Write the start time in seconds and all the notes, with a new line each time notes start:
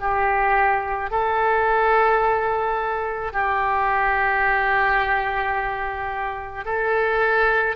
0.00 G4
1.11 A4
3.33 G4
6.65 A4